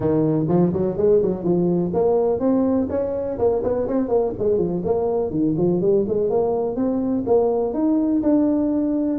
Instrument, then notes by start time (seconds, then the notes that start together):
tuba
0.00 D#3
0.48 F3
0.73 F#3
0.97 G#3
1.22 F#3
1.43 F3
1.93 A#3
2.39 C4
2.89 C#4
3.38 A#3
3.63 B3
3.87 C4
4.08 A#3
4.38 G#3
4.57 F3
4.85 A#3
5.30 D#3
5.57 F3
5.81 G3
6.08 G#3
6.29 A#3
6.76 C4
7.26 A#3
7.73 D#4
8.23 D4